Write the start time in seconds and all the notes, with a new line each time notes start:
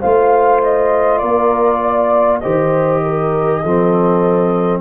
0.00 A3 F4 C5 F5
0.63 D#5
1.18 A#3 A#4 D5
1.82 D5
2.40 D#3 G4 C5 D#5
3.03 A#4
3.62 F3 C4 A4